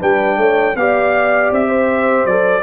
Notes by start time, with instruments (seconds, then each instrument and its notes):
0.00 tuba G3, trombone D4, horn B4, trumpet G5
0.37 tuba A3, horn C#5
0.76 tuba B3, trombone G4, horn D5, trumpet F5
1.52 tuba C4, trumpet E5
1.69 horn C5
2.26 tuba F#3, trombone A4, trumpet D5